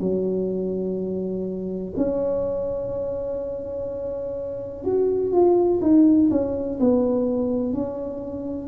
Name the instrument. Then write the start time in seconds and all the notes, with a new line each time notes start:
tuba
0.00 F#3
1.96 C#4
4.84 F#4
5.32 F4
5.81 D#4
6.30 C#4
6.80 B3
7.73 C#4